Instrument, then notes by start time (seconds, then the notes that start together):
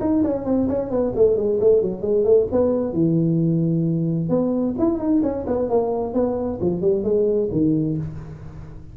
tuba
0.00 D#4
0.24 C#4
0.45 C4
0.68 C#4
0.90 B3
1.15 A3
1.36 G#3
1.60 A3
1.81 F#3
2.01 G#3
2.24 A3
2.51 B3
2.93 E3
4.29 B3
4.78 E4
4.98 D#4
5.22 C#4
5.47 B3
5.69 A#3
6.13 B3
6.61 F3
6.81 G3
7.03 G#3
7.51 D#3